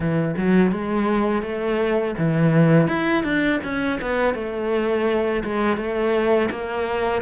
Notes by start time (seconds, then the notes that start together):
0.00 E3
0.36 F#3
0.71 G#3
1.42 A3
2.18 E3
2.87 E4
3.23 D4
3.63 C#4
4.01 B3
4.34 A3
5.44 G#3
5.76 A3
6.50 A#3